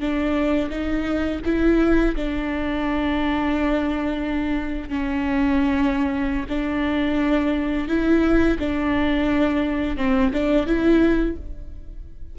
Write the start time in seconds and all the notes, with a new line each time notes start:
0.00 D4
0.70 D#4
1.46 E4
2.16 D4
4.89 C#4
6.49 D4
7.88 E4
8.59 D4
9.97 C4
10.33 D4
10.66 E4